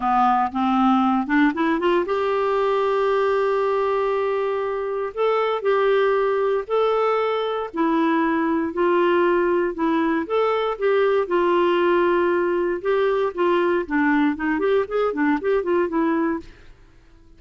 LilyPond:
\new Staff \with { instrumentName = "clarinet" } { \time 4/4 \tempo 4 = 117 b4 c'4. d'8 e'8 f'8 | g'1~ | g'2 a'4 g'4~ | g'4 a'2 e'4~ |
e'4 f'2 e'4 | a'4 g'4 f'2~ | f'4 g'4 f'4 d'4 | dis'8 g'8 gis'8 d'8 g'8 f'8 e'4 | }